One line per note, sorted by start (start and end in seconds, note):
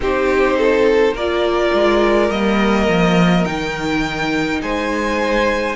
0.00 1.12 C4
0.00 1.16 D#4
0.00 0.57 G4
0.00 1.17 C5
0.57 1.13 A4
1.12 1.70 A#3
1.12 2.32 F4
1.12 4.60 A#4
1.12 2.31 D5
1.73 2.30 G#3
2.30 2.87 G3
2.30 3.45 A#3
2.30 3.45 D#5
2.87 3.45 F3
3.45 4.62 D#3
3.45 5.76 D#4
3.45 4.60 G5
4.62 5.76 G#3
4.62 5.76 C5
4.62 5.76 G#5